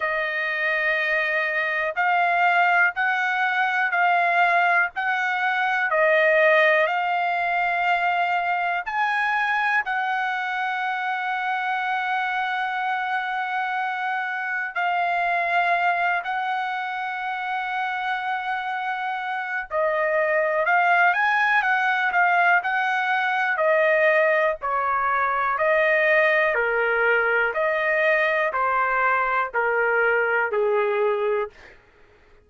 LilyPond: \new Staff \with { instrumentName = "trumpet" } { \time 4/4 \tempo 4 = 61 dis''2 f''4 fis''4 | f''4 fis''4 dis''4 f''4~ | f''4 gis''4 fis''2~ | fis''2. f''4~ |
f''8 fis''2.~ fis''8 | dis''4 f''8 gis''8 fis''8 f''8 fis''4 | dis''4 cis''4 dis''4 ais'4 | dis''4 c''4 ais'4 gis'4 | }